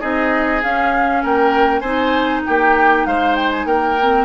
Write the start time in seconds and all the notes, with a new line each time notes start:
0.00 C4 D#4 G#4 D#5
0.62 C#4 F5
1.23 A#3 A#4 G5
1.79 C4 D#4 C5 G#5
2.46 A#3 G4 G5
3.05 G#3 C5 F5
3.35 G5
3.51 G#5
3.65 A#3 A#4 G5
3.99 C4